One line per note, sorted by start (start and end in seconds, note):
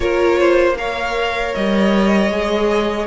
0.00 1.53 A#3
0.00 0.75 F4
0.00 0.39 A#4
0.00 0.73 C#5
0.39 0.77 C5
0.77 2.30 A#4
0.77 3.06 C#5
0.77 1.54 F5
1.54 2.29 G3
1.54 3.06 D#5
2.29 3.06 G#3
2.29 3.06 G#4